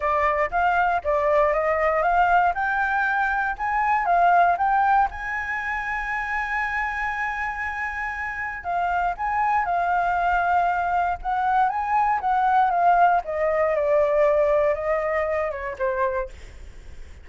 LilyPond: \new Staff \with { instrumentName = "flute" } { \time 4/4 \tempo 4 = 118 d''4 f''4 d''4 dis''4 | f''4 g''2 gis''4 | f''4 g''4 gis''2~ | gis''1~ |
gis''4 f''4 gis''4 f''4~ | f''2 fis''4 gis''4 | fis''4 f''4 dis''4 d''4~ | d''4 dis''4. cis''8 c''4 | }